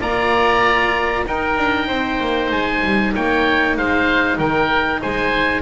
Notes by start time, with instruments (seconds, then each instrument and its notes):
0.00 double bass A#3, cello F4, oboe D5 A#5
1.26 double bass D#4, cello D#4, oboe A#4 G5
1.57 double bass D4
1.87 double bass C4, oboe C5
2.20 double bass A#3
2.52 double bass G#3, oboe G#5
2.84 double bass G3
3.14 double bass A#3, oboe C#5 G5
3.77 double bass G#3, oboe C5 F5
4.38 double bass D#3, oboe A#4 G5
5.02 double bass G#3, oboe C5 G#5